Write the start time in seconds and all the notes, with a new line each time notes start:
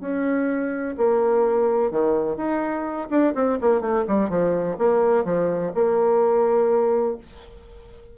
0.00 C#4
0.97 A#3
1.90 D#3
2.36 D#4
3.10 D4
3.34 C4
3.61 A#3
3.81 A3
4.08 G3
4.29 F3
4.78 A#3
5.24 F3
5.74 A#3